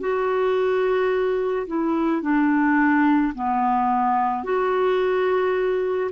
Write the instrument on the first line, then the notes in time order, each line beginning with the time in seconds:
clarinet
0.00 F#4
1.67 E4
2.22 D4
3.35 B3
4.44 F#4